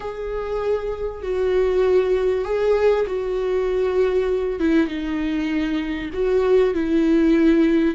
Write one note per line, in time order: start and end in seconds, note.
0.00 1.22 G#4
1.22 2.45 F#4
2.45 3.06 G#4
3.06 4.59 F#4
4.59 4.87 E4
4.87 6.10 D#4
6.13 6.74 F#4
6.74 7.95 E4